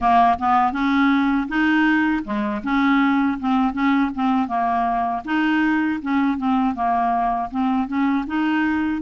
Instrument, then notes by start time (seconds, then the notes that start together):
clarinet
0.00 A#3
0.39 B3
0.72 C#4
1.48 D#4
2.24 G#3
2.63 C#4
3.40 C4
3.73 C#4
4.15 C4
4.47 A#3
5.25 D#4
6.02 C#4
6.37 C4
6.74 A#3
7.50 C4
7.87 C#4
8.27 D#4